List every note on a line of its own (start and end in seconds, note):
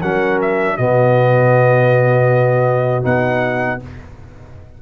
0.00 0.78 F#3
0.00 0.78 C#4
0.00 0.76 A#4
0.00 0.40 F#5
0.41 0.77 E5
0.77 3.05 B2
0.77 3.03 B3
0.77 3.81 F#4
0.77 3.05 D#5
3.03 3.81 B3
3.03 3.79 D#4
3.03 3.81 F#5